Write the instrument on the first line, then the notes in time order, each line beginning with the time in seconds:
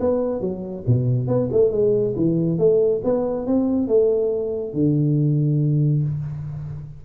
tuba
0.00 B3
0.41 F#3
0.87 B2
1.27 B3
1.52 A3
1.71 G#3
2.16 E3
2.58 A3
3.04 B3
3.46 C4
3.88 A3
4.73 D3